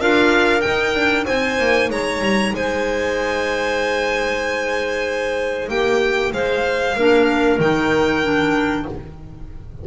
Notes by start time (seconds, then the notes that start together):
0.00 D4 F4 A#4 F5
0.60 D#4 G5
0.67 D#4
0.95 D4
1.26 C4 C5 G#5
1.59 A#3
1.90 G#3 C#5 A#5
2.22 G3
2.54 G#3 C5 G#5
5.69 A#3 G4 G5
6.33 G#3 C5 F5
6.96 A#3 D4 A#4
7.59 D#3 D#4 G5
8.24 D4